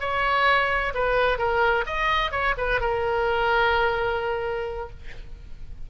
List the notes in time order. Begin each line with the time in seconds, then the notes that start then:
0.00 C#5
0.94 B4
1.38 A#4
1.86 D#5
2.31 C#5
2.57 B4
2.80 A#4